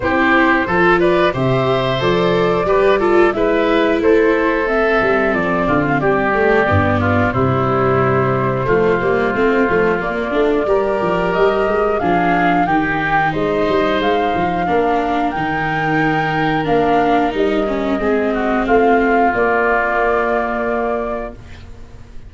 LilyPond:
<<
  \new Staff \with { instrumentName = "flute" } { \time 4/4 \tempo 4 = 90 c''4. d''8 e''4 d''4~ | d''4 e''4 c''4 e''4 | d''8. f''16 d''2 c''4~ | c''2. d''4~ |
d''4 dis''4 f''4 g''4 | dis''4 f''2 g''4~ | g''4 f''4 dis''2 | f''4 d''2. | }
  \new Staff \with { instrumentName = "oboe" } { \time 4/4 g'4 a'8 b'8 c''2 | b'8 a'8 b'4 a'2~ | a'8 f'8 g'4. f'8 e'4~ | e'4 f'2. |
ais'2 gis'4 g'4 | c''2 ais'2~ | ais'2. gis'8 fis'8 | f'1 | }
  \new Staff \with { instrumentName = "viola" } { \time 4/4 e'4 f'4 g'4 a'4 | g'8 f'8 e'2 c'4~ | c'4. a8 b4 g4~ | g4 a8 ais8 c'8 a8 ais8 d'8 |
g'2 d'4 dis'4~ | dis'2 d'4 dis'4~ | dis'4 d'4 dis'8 cis'8 c'4~ | c'4 ais2. | }
  \new Staff \with { instrumentName = "tuba" } { \time 4/4 c'4 f4 c4 f4 | g4 gis4 a4. g8 | f8 d8 g4 g,4 c4~ | c4 f8 g8 a8 f8 ais8 a8 |
g8 f8 g8 gis8 f4 dis4 | gis8 g8 gis8 f8 ais4 dis4~ | dis4 ais4 g4 gis4 | a4 ais2. | }
>>